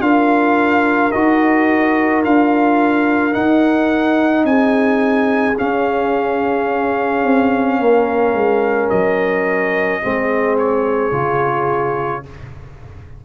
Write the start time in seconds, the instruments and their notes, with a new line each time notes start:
0.00 tuba D4, trombone F4, horn A#4, trumpet F5
1.11 tuba D#4, trombone F#4, trumpet D#5
2.24 tuba D4, trombone F4, trumpet F5
3.32 trombone D#4, tuba D#4, trumpet F#5
4.44 tuba C4, horn G#4, trumpet G#5
5.57 trombone C#4, tuba C#4, trumpet F5
7.23 tuba C4
7.79 tuba A#3, horn A#4
8.34 tuba G#3
8.90 tuba F#3, trumpet D#5
10.01 tuba G#3, trombone C4, horn G#4
10.58 trumpet C#5
11.12 tuba C#3, trombone F4